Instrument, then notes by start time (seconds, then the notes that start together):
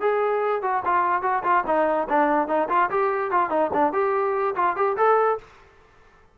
trombone
0.00 G#4
0.62 F#4
0.85 F4
1.22 F#4
1.43 F4
1.66 D#4
2.09 D4
2.48 D#4
2.69 F4
2.90 G4
3.31 F4
3.50 D#4
3.73 D4
3.92 G4
4.55 F4
4.76 G4
4.97 A4